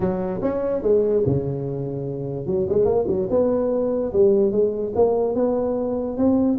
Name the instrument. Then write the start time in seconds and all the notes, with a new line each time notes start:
tuba
0.00 F#3
0.42 C#4
0.82 G#3
1.26 C#3
2.46 F#3
2.69 G#3
2.85 A#3
3.07 F#3
3.30 B3
4.12 G3
4.51 G#3
4.95 A#3
5.34 B3
6.17 C4